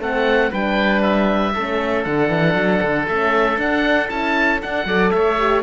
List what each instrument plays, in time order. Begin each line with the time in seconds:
0.00 cello A3, horn C4, oboe A4 F#5
0.51 cello G3, horn D4, oboe B4 G5
1.02 oboe E5
1.54 cello A3, horn C#4, oboe A4
2.04 cello D3, horn D4, oboe F#5
2.29 cello E3
2.55 cello F#3
2.82 cello D3
3.09 cello A3, horn C#4, oboe E5
3.58 cello D4, horn D4, oboe F#5
4.09 cello C#4, horn E4, oboe A5
4.63 horn D4, cello D4, oboe F#5
4.86 cello F#3, horn A4, oboe D5
5.11 cello A3, oboe C#5 E5
5.39 horn G4